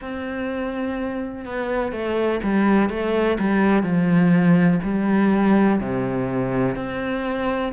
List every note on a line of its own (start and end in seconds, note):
0.01 1.45 C4
1.45 1.91 B3
1.91 2.40 A3
2.43 2.89 G3
2.89 3.37 A3
3.39 3.82 G3
3.82 4.79 F3
4.83 5.79 G3
5.80 6.75 C3
6.75 7.72 C4